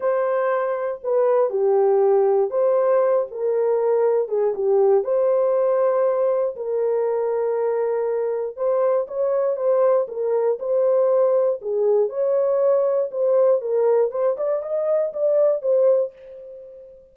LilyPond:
\new Staff \with { instrumentName = "horn" } { \time 4/4 \tempo 4 = 119 c''2 b'4 g'4~ | g'4 c''4. ais'4.~ | ais'8 gis'8 g'4 c''2~ | c''4 ais'2.~ |
ais'4 c''4 cis''4 c''4 | ais'4 c''2 gis'4 | cis''2 c''4 ais'4 | c''8 d''8 dis''4 d''4 c''4 | }